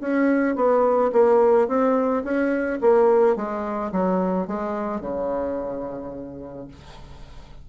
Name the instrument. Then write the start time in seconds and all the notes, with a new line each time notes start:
bassoon
0.00 C#4
0.56 B3
1.12 A#3
1.68 C4
2.24 C#4
2.81 A#3
3.36 G#3
3.92 F#3
4.47 G#3
5.01 C#3